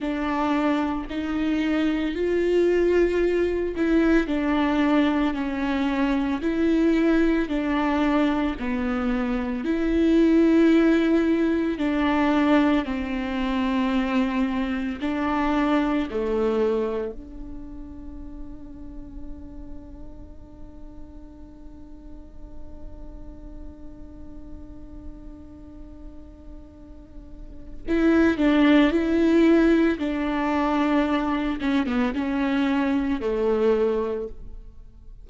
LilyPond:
\new Staff \with { instrumentName = "viola" } { \time 4/4 \tempo 4 = 56 d'4 dis'4 f'4. e'8 | d'4 cis'4 e'4 d'4 | b4 e'2 d'4 | c'2 d'4 a4 |
d'1~ | d'1~ | d'2 e'8 d'8 e'4 | d'4. cis'16 b16 cis'4 a4 | }